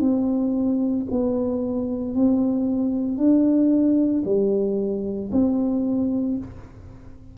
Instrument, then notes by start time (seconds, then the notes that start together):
tuba
0.00 C4
1.11 B3
2.14 C4
3.17 D4
4.24 G3
5.32 C4